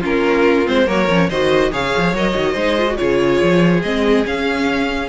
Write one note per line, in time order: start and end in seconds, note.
0.00 0.67 A#3
0.00 0.65 C#4
0.00 0.85 F4
0.00 0.67 A#4
0.65 0.87 G#3
0.65 0.85 C4
0.65 0.88 C5
0.85 1.08 F#3
0.85 1.07 A#3
0.85 1.28 A#4
0.85 1.29 C#5
1.08 1.29 F3
1.08 1.29 C#4
1.29 1.72 D#3
1.29 1.71 F#4
1.29 1.71 C5
1.29 1.72 D#5
1.71 1.94 C#3
1.71 2.14 G#4
1.71 2.52 C#5
1.71 2.15 F5
1.97 2.13 F3
2.13 2.34 F#3
2.13 2.34 A#4
2.13 2.96 D#5
2.34 2.55 D#3
2.34 2.55 F#4
2.52 2.97 G#3
2.52 2.78 D#4
2.52 2.94 C5
2.78 2.87 F4
2.87 2.96 F#4
2.96 3.42 C#3
2.96 3.81 F4
2.96 5.09 G#4
2.96 3.81 C#5
3.42 3.83 F3
3.82 4.25 G#3
3.82 4.24 C4
3.82 4.25 D#5
4.24 5.09 C#4
4.24 5.09 F5